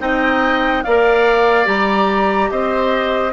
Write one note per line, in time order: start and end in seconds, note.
0.00 0.84 C4
0.00 0.83 D#4
0.00 0.84 D#5
0.00 0.84 G5
0.84 1.67 A#3
0.84 1.65 A#4
0.84 2.51 D5
0.84 1.67 F5
1.65 2.50 G3
1.65 3.32 G4
1.65 2.51 A#5
2.51 3.34 C4
2.51 3.34 C5
2.51 3.34 D#5